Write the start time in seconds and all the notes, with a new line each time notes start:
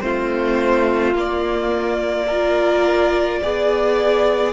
0.00 A3 C4 F4 C5
1.14 A#3 D5
2.27 F4 A#4
3.42 B3 G#4 D5